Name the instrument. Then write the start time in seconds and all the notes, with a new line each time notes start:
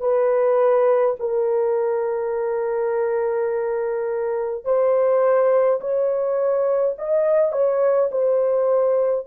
horn
0.00 B4
1.19 A#4
4.65 C5
5.80 C#5
6.98 D#5
7.52 C#5
8.11 C5